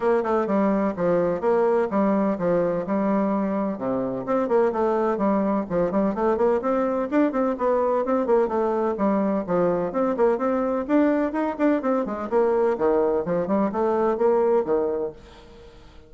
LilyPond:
\new Staff \with { instrumentName = "bassoon" } { \time 4/4 \tempo 4 = 127 ais8 a8 g4 f4 ais4 | g4 f4 g2 | c4 c'8 ais8 a4 g4 | f8 g8 a8 ais8 c'4 d'8 c'8 |
b4 c'8 ais8 a4 g4 | f4 c'8 ais8 c'4 d'4 | dis'8 d'8 c'8 gis8 ais4 dis4 | f8 g8 a4 ais4 dis4 | }